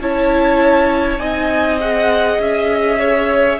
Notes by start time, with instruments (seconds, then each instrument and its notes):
0.00 cello C#4, viola E4, violin C#5 A5
1.19 cello C4, viola D#4, violin D#5 G#5
1.80 viola G#4, violin F#5
2.39 cello C#4, violin E5
2.99 violin C#5